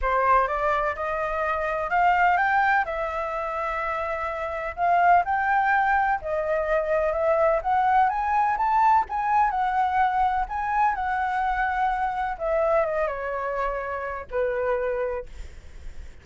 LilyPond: \new Staff \with { instrumentName = "flute" } { \time 4/4 \tempo 4 = 126 c''4 d''4 dis''2 | f''4 g''4 e''2~ | e''2 f''4 g''4~ | g''4 dis''2 e''4 |
fis''4 gis''4 a''4 gis''4 | fis''2 gis''4 fis''4~ | fis''2 e''4 dis''8 cis''8~ | cis''2 b'2 | }